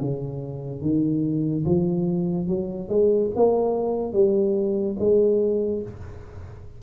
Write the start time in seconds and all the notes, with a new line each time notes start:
0.00 C#3
0.81 D#3
1.65 F3
2.47 F#3
2.89 G#3
3.36 A#3
4.13 G3
4.99 G#3